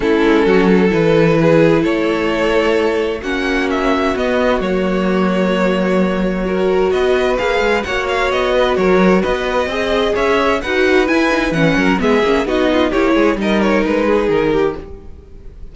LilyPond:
<<
  \new Staff \with { instrumentName = "violin" } { \time 4/4 \tempo 4 = 130 a'2 b'2 | cis''2. fis''4 | e''4 dis''4 cis''2~ | cis''2. dis''4 |
f''4 fis''8 f''8 dis''4 cis''4 | dis''2 e''4 fis''4 | gis''4 fis''4 e''4 dis''4 | cis''4 dis''8 cis''8 b'4 ais'4 | }
  \new Staff \with { instrumentName = "violin" } { \time 4/4 e'4 fis'8 a'4. gis'4 | a'2. fis'4~ | fis'1~ | fis'2 ais'4 b'4~ |
b'4 cis''4. b'8 ais'4 | b'4 dis''4 cis''4 b'4~ | b'4. ais'8 gis'4 fis'8 f'8 | g'8 gis'8 ais'4. gis'4 g'8 | }
  \new Staff \with { instrumentName = "viola" } { \time 4/4 cis'2 e'2~ | e'2. cis'4~ | cis'4 b4 ais2~ | ais2 fis'2 |
gis'4 fis'2.~ | fis'4 gis'2 fis'4 | e'8 dis'8 cis'4 b8 cis'8 dis'4 | e'4 dis'2. | }
  \new Staff \with { instrumentName = "cello" } { \time 4/4 a8 gis8 fis4 e2 | a2. ais4~ | ais4 b4 fis2~ | fis2. b4 |
ais8 gis8 ais4 b4 fis4 | b4 c'4 cis'4 dis'4 | e'4 e8 fis8 gis8 ais8 b4 | ais8 gis8 g4 gis4 dis4 | }
>>